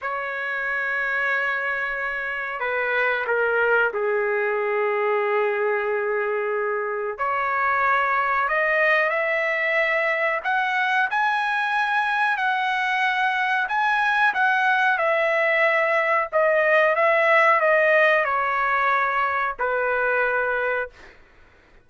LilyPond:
\new Staff \with { instrumentName = "trumpet" } { \time 4/4 \tempo 4 = 92 cis''1 | b'4 ais'4 gis'2~ | gis'2. cis''4~ | cis''4 dis''4 e''2 |
fis''4 gis''2 fis''4~ | fis''4 gis''4 fis''4 e''4~ | e''4 dis''4 e''4 dis''4 | cis''2 b'2 | }